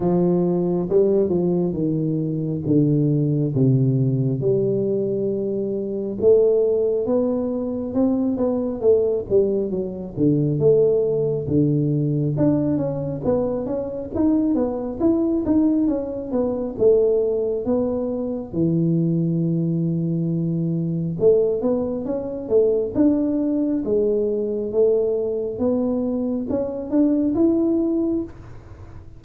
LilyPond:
\new Staff \with { instrumentName = "tuba" } { \time 4/4 \tempo 4 = 68 f4 g8 f8 dis4 d4 | c4 g2 a4 | b4 c'8 b8 a8 g8 fis8 d8 | a4 d4 d'8 cis'8 b8 cis'8 |
dis'8 b8 e'8 dis'8 cis'8 b8 a4 | b4 e2. | a8 b8 cis'8 a8 d'4 gis4 | a4 b4 cis'8 d'8 e'4 | }